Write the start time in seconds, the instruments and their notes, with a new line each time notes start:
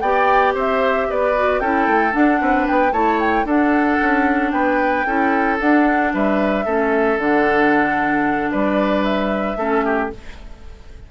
0.00 bassoon B3, clarinet G4, oboe D5, flute G5
0.54 bassoon C4, oboe C5, flute E5
1.10 bassoon B3, oboe B4, flute D5
1.36 clarinet F#4
1.60 bassoon C#4, clarinet E4, oboe A4, flute G5
1.87 bassoon A3
2.11 clarinet D4, bassoon D4, flute F#5
2.41 bassoon C4, oboe B4
2.67 bassoon B3, flute G5
2.92 bassoon A3, clarinet E4, oboe C#5, flute A5
3.20 flute G5
3.44 bassoon D4, clarinet D4, oboe A4, flute F#5
4.02 bassoon C#4
4.51 bassoon B3, oboe B4, flute G5
5.06 bassoon C#4, clarinet E4, oboe A4
5.59 clarinet D4, bassoon D4, flute F#5
6.14 bassoon G3, oboe B4, flute E5
6.65 bassoon A3, clarinet C#4, oboe A4
7.18 bassoon D3, clarinet D4, flute F#5
8.51 bassoon G3, oboe B4, flute D5
9.04 flute E5
9.56 bassoon A3, clarinet C#4, oboe A4
9.85 oboe G4